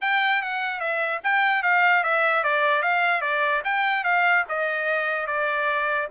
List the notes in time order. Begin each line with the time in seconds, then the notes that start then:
0.01 G5
0.42 F#5
0.80 E5
1.23 G5
1.63 F5
2.03 E5
2.43 D5
2.82 F5
3.21 D5
3.64 G5
4.04 F5
4.48 D#5
5.26 D5